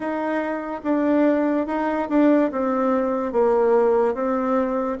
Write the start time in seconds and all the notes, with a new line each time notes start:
0.00 D#4
0.83 D4
1.67 D#4
2.09 D4
2.51 C4
3.32 A#3
4.14 C4